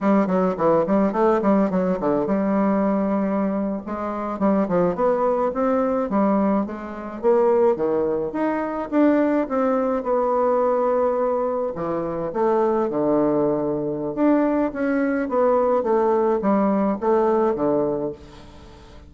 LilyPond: \new Staff \with { instrumentName = "bassoon" } { \time 4/4 \tempo 4 = 106 g8 fis8 e8 g8 a8 g8 fis8 d8 | g2~ g8. gis4 g16~ | g16 f8 b4 c'4 g4 gis16~ | gis8. ais4 dis4 dis'4 d'16~ |
d'8. c'4 b2~ b16~ | b8. e4 a4 d4~ d16~ | d4 d'4 cis'4 b4 | a4 g4 a4 d4 | }